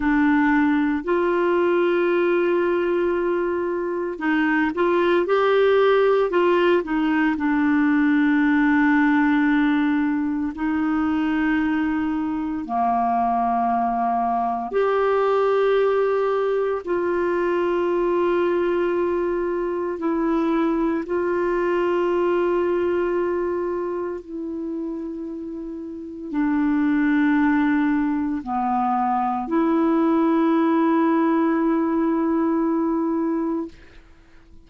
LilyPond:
\new Staff \with { instrumentName = "clarinet" } { \time 4/4 \tempo 4 = 57 d'4 f'2. | dis'8 f'8 g'4 f'8 dis'8 d'4~ | d'2 dis'2 | ais2 g'2 |
f'2. e'4 | f'2. e'4~ | e'4 d'2 b4 | e'1 | }